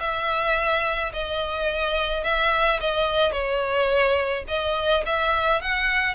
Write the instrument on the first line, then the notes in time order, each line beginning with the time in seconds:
violin
0.00 E5
1.13 D#5
2.24 E5
2.80 D#5
3.32 C#5
4.48 D#5
5.06 E5
5.61 F#5